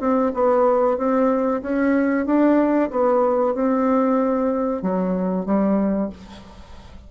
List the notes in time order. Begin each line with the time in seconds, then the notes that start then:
0.00 C4
0.34 B3
0.98 C4
1.62 C#4
2.26 D4
2.91 B3
3.55 C4
4.82 F#3
5.46 G3